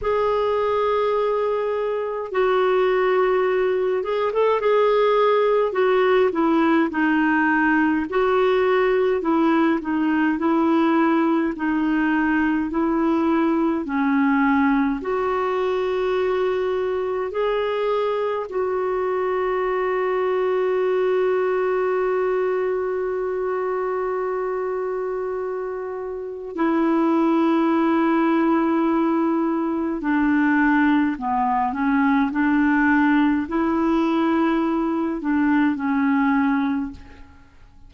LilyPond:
\new Staff \with { instrumentName = "clarinet" } { \time 4/4 \tempo 4 = 52 gis'2 fis'4. gis'16 a'16 | gis'4 fis'8 e'8 dis'4 fis'4 | e'8 dis'8 e'4 dis'4 e'4 | cis'4 fis'2 gis'4 |
fis'1~ | fis'2. e'4~ | e'2 d'4 b8 cis'8 | d'4 e'4. d'8 cis'4 | }